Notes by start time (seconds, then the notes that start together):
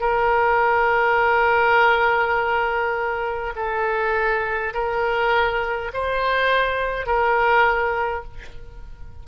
0.00 A#4
3.55 A4
4.73 A#4
5.93 C5
7.05 A#4